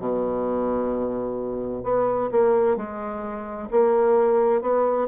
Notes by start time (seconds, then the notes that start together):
0.00 B2
1.84 B3
2.32 A#3
2.77 G#3
3.72 A#3
4.62 B3